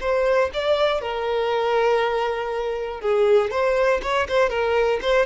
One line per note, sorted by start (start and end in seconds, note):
0.00 0.50 C5
0.53 1.01 D5
1.01 3.00 A#4
3.00 3.50 G#4
3.50 4.00 C5
4.02 4.27 C#5
4.28 4.49 C5
4.49 4.99 A#4
5.01 5.25 C5